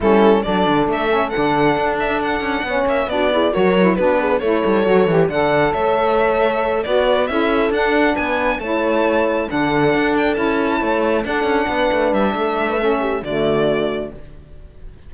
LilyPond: <<
  \new Staff \with { instrumentName = "violin" } { \time 4/4 \tempo 4 = 136 a'4 d''4 e''4 fis''4~ | fis''8 e''8 fis''4. e''8 d''4 | cis''4 b'4 cis''2 | fis''4 e''2~ e''8 d''8~ |
d''8 e''4 fis''4 gis''4 a''8~ | a''4. fis''4. g''8 a''8~ | a''4. fis''2 e''8~ | e''2 d''2 | }
  \new Staff \with { instrumentName = "horn" } { \time 4/4 e'4 a'2.~ | a'2 cis''4 fis'8 gis'8 | ais'4 fis'8 gis'8 a'2 | d''4 cis''2~ cis''8 b'8~ |
b'8 a'2 b'4 cis''8~ | cis''4. a'2~ a'8~ | a'8 cis''4 a'4 b'4. | a'8. b'16 a'8 g'8 fis'2 | }
  \new Staff \with { instrumentName = "saxophone" } { \time 4/4 cis'4 d'4. cis'8 d'4~ | d'2 cis'4 d'8 e'8 | fis'8 e'8 d'4 e'4 fis'8 g'8 | a'2.~ a'8 fis'8~ |
fis'8 e'4 d'2 e'8~ | e'4. d'2 e'8~ | e'4. d'2~ d'8~ | d'4 cis'4 a2 | }
  \new Staff \with { instrumentName = "cello" } { \time 4/4 g4 fis8 d8 a4 d4 | d'4. cis'8 b8 ais8 b4 | fis4 b4 a8 g8 fis8 e8 | d4 a2~ a8 b8~ |
b8 cis'4 d'4 b4 a8~ | a4. d4 d'4 cis'8~ | cis'8 a4 d'8 cis'8 b8 a8 g8 | a2 d2 | }
>>